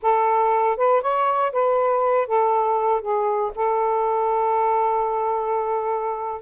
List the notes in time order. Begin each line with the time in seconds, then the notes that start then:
0.02 A4
0.76 B4
1.01 C#5
1.52 B4
2.27 A4
3.01 G#4
3.55 A4